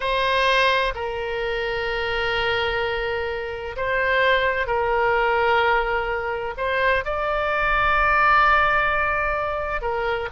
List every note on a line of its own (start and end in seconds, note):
0.00 0.93 C5
0.95 3.76 A#4
3.76 4.66 C5
4.66 6.54 A#4
6.57 7.04 C5
7.04 9.81 D5
9.81 10.28 A#4